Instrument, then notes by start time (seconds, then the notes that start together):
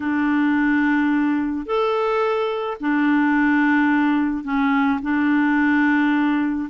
clarinet
0.00 D4
1.66 A4
2.80 D4
4.44 C#4
5.02 D4